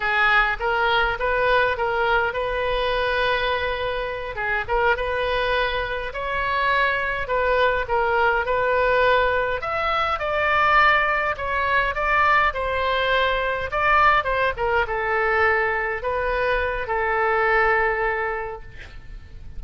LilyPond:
\new Staff \with { instrumentName = "oboe" } { \time 4/4 \tempo 4 = 103 gis'4 ais'4 b'4 ais'4 | b'2.~ b'8 gis'8 | ais'8 b'2 cis''4.~ | cis''8 b'4 ais'4 b'4.~ |
b'8 e''4 d''2 cis''8~ | cis''8 d''4 c''2 d''8~ | d''8 c''8 ais'8 a'2 b'8~ | b'4 a'2. | }